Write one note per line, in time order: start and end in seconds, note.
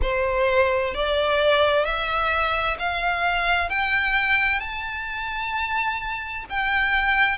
0.02 0.94 C5
0.94 1.85 D5
1.85 2.77 E5
2.78 3.69 F5
3.69 4.59 G5
4.59 6.44 A5
6.49 7.38 G5